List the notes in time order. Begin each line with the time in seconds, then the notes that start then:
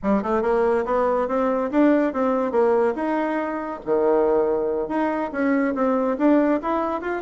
0.03 G3
0.22 A3
0.42 A#3
0.85 B3
1.28 C4
1.71 D4
2.13 C4
2.51 A#3
2.95 D#4
3.85 D#3
4.88 D#4
5.32 C#4
5.74 C4
6.17 D4
6.62 E4
7.01 F4